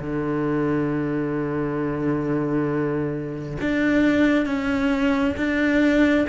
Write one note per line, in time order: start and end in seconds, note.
0.00 3.58 D3
3.61 4.46 D4
4.46 5.35 C#4
5.37 6.26 D4